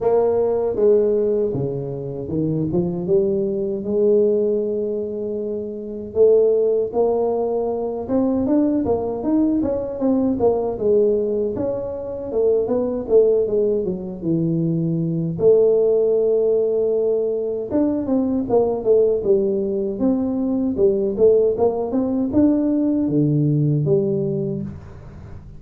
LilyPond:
\new Staff \with { instrumentName = "tuba" } { \time 4/4 \tempo 4 = 78 ais4 gis4 cis4 dis8 f8 | g4 gis2. | a4 ais4. c'8 d'8 ais8 | dis'8 cis'8 c'8 ais8 gis4 cis'4 |
a8 b8 a8 gis8 fis8 e4. | a2. d'8 c'8 | ais8 a8 g4 c'4 g8 a8 | ais8 c'8 d'4 d4 g4 | }